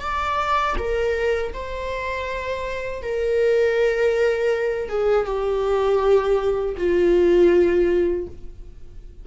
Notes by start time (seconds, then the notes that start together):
0.00 D5
0.77 A#4
1.53 C5
3.02 A#4
4.89 G#4
5.25 G4
6.77 F4